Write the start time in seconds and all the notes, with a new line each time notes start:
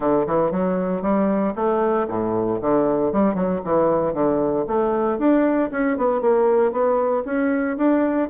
0.00 D3
0.26 E3
0.51 F#3
1.02 G3
1.55 A3
2.08 A2
2.61 D3
3.12 G3
3.34 F#3
3.64 E3
4.13 D3
4.67 A3
5.18 D4
5.71 C#4
5.97 B3
6.21 A#3
6.71 B3
7.25 C#4
7.77 D4